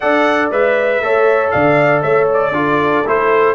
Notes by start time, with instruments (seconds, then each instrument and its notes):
0.00 tuba D4, trombone A4, horn D5, trumpet F#5
0.51 tuba G#3, trombone B4, trumpet E5
1.01 tuba A3, trombone A4, horn C#5
1.50 tuba D3, horn D5, trumpet F5
2.01 tuba A3, horn C#5, trumpet E5
2.33 trumpet D5
2.51 tuba D4, trombone F4, horn A4
3.06 tuba A3, trombone E4, trumpet C5